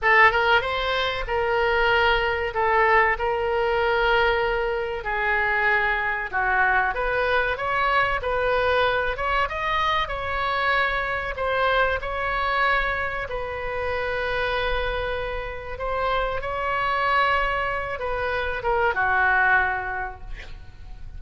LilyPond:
\new Staff \with { instrumentName = "oboe" } { \time 4/4 \tempo 4 = 95 a'8 ais'8 c''4 ais'2 | a'4 ais'2. | gis'2 fis'4 b'4 | cis''4 b'4. cis''8 dis''4 |
cis''2 c''4 cis''4~ | cis''4 b'2.~ | b'4 c''4 cis''2~ | cis''8 b'4 ais'8 fis'2 | }